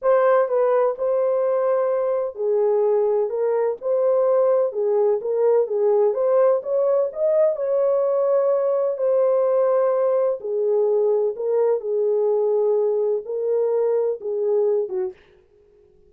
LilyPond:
\new Staff \with { instrumentName = "horn" } { \time 4/4 \tempo 4 = 127 c''4 b'4 c''2~ | c''4 gis'2 ais'4 | c''2 gis'4 ais'4 | gis'4 c''4 cis''4 dis''4 |
cis''2. c''4~ | c''2 gis'2 | ais'4 gis'2. | ais'2 gis'4. fis'8 | }